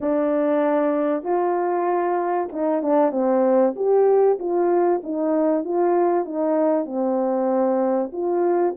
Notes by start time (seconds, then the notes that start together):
0.00 D4
1.23 F4
2.52 D#4
2.82 D4
3.11 C4
3.76 G4
4.39 F4
5.03 D#4
5.64 F4
6.25 D#4
6.85 C4
8.12 F4